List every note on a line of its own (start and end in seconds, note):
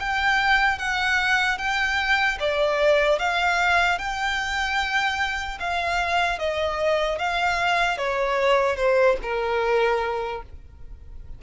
0.00 0.79 G5
0.79 1.58 F#5
1.58 2.38 G5
2.40 3.19 D5
3.19 3.99 F5
3.99 5.59 G5
5.60 6.39 F5
6.39 7.19 D#5
7.19 7.98 F5
7.98 8.76 C#5
8.76 9.16 C5
9.23 10.43 A#4